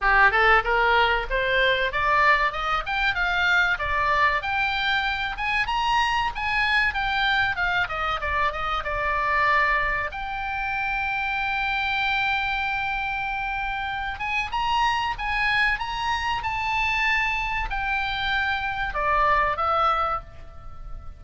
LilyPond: \new Staff \with { instrumentName = "oboe" } { \time 4/4 \tempo 4 = 95 g'8 a'8 ais'4 c''4 d''4 | dis''8 g''8 f''4 d''4 g''4~ | g''8 gis''8 ais''4 gis''4 g''4 | f''8 dis''8 d''8 dis''8 d''2 |
g''1~ | g''2~ g''8 gis''8 ais''4 | gis''4 ais''4 a''2 | g''2 d''4 e''4 | }